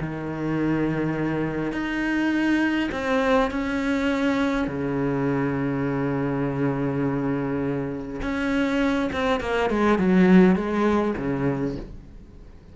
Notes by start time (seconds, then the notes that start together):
0.00 D#3
1.71 D#4
2.91 C4
3.51 C#4
4.67 C#3
8.21 C#4
9.12 C4
9.40 A#3
9.70 G#3
9.98 F#3
10.55 G#3
11.17 C#3